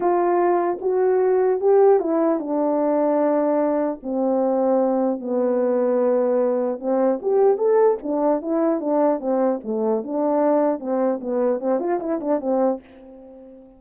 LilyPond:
\new Staff \with { instrumentName = "horn" } { \time 4/4 \tempo 4 = 150 f'2 fis'2 | g'4 e'4 d'2~ | d'2 c'2~ | c'4 b2.~ |
b4 c'4 g'4 a'4 | d'4 e'4 d'4 c'4 | a4 d'2 c'4 | b4 c'8 f'8 e'8 d'8 c'4 | }